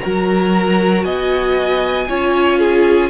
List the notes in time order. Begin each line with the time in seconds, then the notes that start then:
0.00 F#3 F#4 A#4 A#5
1.04 B3 D#5 G#5
2.09 C#4 F4 C#5
2.59 G#4